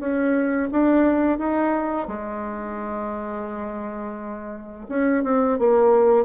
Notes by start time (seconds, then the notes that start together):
0.00 C#4
0.72 D4
1.39 D#4
2.08 G#3
4.89 C#4
5.24 C4
5.59 A#3